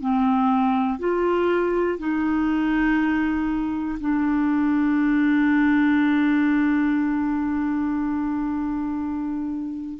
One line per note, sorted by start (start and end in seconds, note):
0.00 0.99 C4
0.99 1.99 F4
1.99 3.99 D#4
4.00 10.00 D4